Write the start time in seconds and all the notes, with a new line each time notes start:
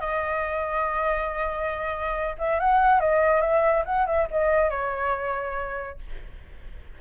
0.00 D#5
2.38 E5
2.59 F#5
3.00 D#5
3.41 E5
3.85 F#5
4.06 E5
4.31 D#5
4.70 C#5